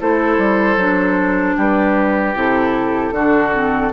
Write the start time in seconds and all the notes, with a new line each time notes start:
0.00 A3 E4 A4 C5
0.37 G3
0.76 F#3 D4
1.56 G3 G4 B4
2.35 C3 E4 A4
3.11 D3 D4 F#4
3.53 C4